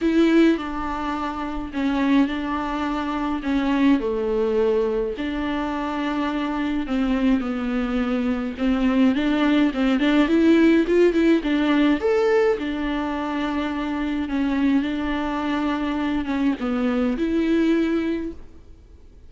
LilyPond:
\new Staff \with { instrumentName = "viola" } { \time 4/4 \tempo 4 = 105 e'4 d'2 cis'4 | d'2 cis'4 a4~ | a4 d'2. | c'4 b2 c'4 |
d'4 c'8 d'8 e'4 f'8 e'8 | d'4 a'4 d'2~ | d'4 cis'4 d'2~ | d'8 cis'8 b4 e'2 | }